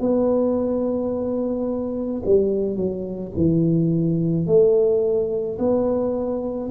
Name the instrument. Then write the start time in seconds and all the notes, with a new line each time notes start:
tuba
0.00 B3
2.26 G3
2.76 F#3
3.36 E3
4.46 A3
5.59 B3